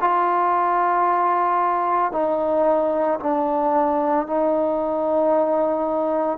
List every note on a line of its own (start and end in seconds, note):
0.00 2.12 F4
2.12 3.19 D#4
3.19 4.27 D4
4.27 6.38 D#4